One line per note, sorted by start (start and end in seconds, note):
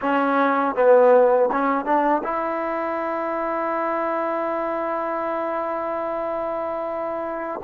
0.01 0.75 C#4
0.75 1.49 B3
1.51 1.85 C#4
1.85 2.22 D4
2.23 7.60 E4